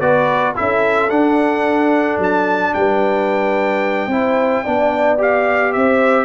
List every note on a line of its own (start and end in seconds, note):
0.00 0.55 B3
0.00 0.55 F#4
0.00 0.55 B4
0.00 0.55 D5
0.55 1.10 C#4
0.55 1.09 E4
0.55 2.73 A4
0.55 1.10 E5
1.10 2.18 D4
1.10 4.10 D4
1.10 2.19 F#5
2.18 2.72 F#3
2.18 2.73 A5
2.73 4.07 G3
2.73 4.11 B4
2.73 5.19 G5
4.07 4.61 C4
4.07 4.65 E4
4.07 4.63 C5
4.63 5.75 B3
4.63 5.17 D4
4.63 5.72 D5
5.17 6.25 G4
5.17 5.72 F5
5.72 6.25 C4
5.72 6.25 C5
5.72 6.25 E5